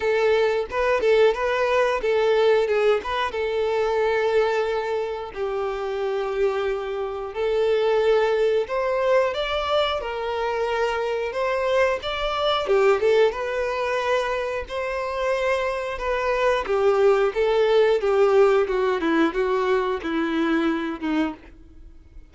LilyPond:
\new Staff \with { instrumentName = "violin" } { \time 4/4 \tempo 4 = 90 a'4 b'8 a'8 b'4 a'4 | gis'8 b'8 a'2. | g'2. a'4~ | a'4 c''4 d''4 ais'4~ |
ais'4 c''4 d''4 g'8 a'8 | b'2 c''2 | b'4 g'4 a'4 g'4 | fis'8 e'8 fis'4 e'4. dis'8 | }